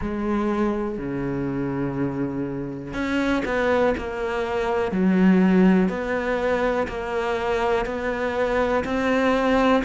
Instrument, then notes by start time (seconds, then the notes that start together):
cello
0.01 G#3
0.98 C#3
2.93 C#4
3.45 B3
3.97 A#3
4.91 F#3
5.88 B3
6.87 A#3
7.85 B3
8.84 C4